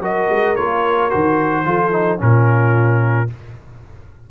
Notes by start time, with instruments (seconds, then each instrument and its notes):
0.00 tuba F#3, trombone F#4, horn A#4, trumpet D#5
0.30 tuba G#3
0.55 tuba A#3, trombone F4, trumpet C#5
1.10 tuba D#3, trombone F#4, trumpet C5
1.65 tuba F3, trombone F4, horn A4
1.92 trombone D#4
2.18 tuba A#2, trombone C#4, horn F4, trumpet A#4